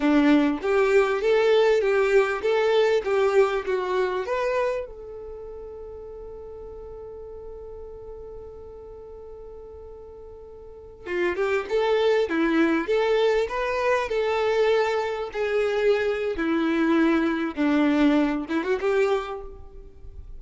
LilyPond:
\new Staff \with { instrumentName = "violin" } { \time 4/4 \tempo 4 = 99 d'4 g'4 a'4 g'4 | a'4 g'4 fis'4 b'4 | a'1~ | a'1~ |
a'2~ a'16 f'8 g'8 a'8.~ | a'16 e'4 a'4 b'4 a'8.~ | a'4~ a'16 gis'4.~ gis'16 e'4~ | e'4 d'4. e'16 fis'16 g'4 | }